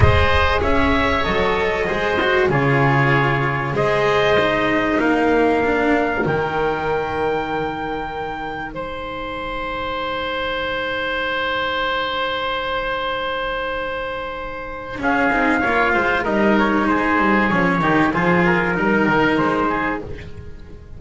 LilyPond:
<<
  \new Staff \with { instrumentName = "trumpet" } { \time 4/4 \tempo 4 = 96 dis''4 e''4 dis''2 | cis''2 dis''2 | f''2 g''2~ | g''2 gis''2~ |
gis''1~ | gis''1 | f''2 dis''8 cis''8 c''4 | cis''4 c''8 ais'4. c''4 | }
  \new Staff \with { instrumentName = "oboe" } { \time 4/4 c''4 cis''2 c''4 | gis'2 c''2 | ais'1~ | ais'2 c''2~ |
c''1~ | c''1 | gis'4 cis''8 c''8 ais'4 gis'4~ | gis'8 g'8 gis'4 ais'4. gis'8 | }
  \new Staff \with { instrumentName = "cello" } { \time 4/4 gis'2 a'4 gis'8 fis'8 | f'2 gis'4 dis'4~ | dis'4 d'4 dis'2~ | dis'1~ |
dis'1~ | dis'1 | cis'8 dis'8 f'4 dis'2 | cis'8 dis'8 f'4 dis'2 | }
  \new Staff \with { instrumentName = "double bass" } { \time 4/4 gis4 cis'4 fis4 gis4 | cis2 gis2 | ais2 dis2~ | dis2 gis2~ |
gis1~ | gis1 | cis'8 c'8 ais8 gis8 g4 gis8 g8 | f8 dis8 f4 g8 dis8 gis4 | }
>>